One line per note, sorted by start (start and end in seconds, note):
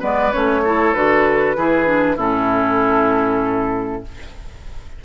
0.00 0.34 G#3
0.00 0.32 B3
0.00 0.62 B4
0.00 0.33 D5
0.33 0.95 A3
0.33 0.64 C#4
0.33 0.94 C#5
0.64 0.95 E4
0.64 1.57 A4
0.94 1.57 D3
0.94 1.57 F#4
0.94 2.18 B4
1.57 2.18 E3
1.57 1.86 E4
1.57 2.17 G#4
1.86 2.17 D4
2.17 4.03 A2
2.17 4.04 C#4
2.17 4.02 E4
2.17 4.05 A4